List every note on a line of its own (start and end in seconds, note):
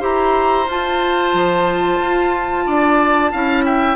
0.00 0.68 E4
0.00 0.66 G4
0.00 2.64 C5
0.00 0.70 A#5
0.68 1.34 F4
0.68 3.34 F4
0.68 3.66 A5
1.34 2.00 F3
2.00 2.66 F4
2.67 3.33 D4
2.67 3.32 D5
3.32 3.97 C#4
3.32 3.97 E4
3.32 3.65 F5
3.65 3.97 E5
3.65 3.97 G5